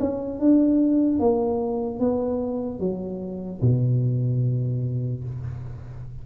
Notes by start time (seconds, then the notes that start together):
0.00 C#4
0.40 D4
1.20 A#3
2.00 B3
2.80 F#3
3.62 B2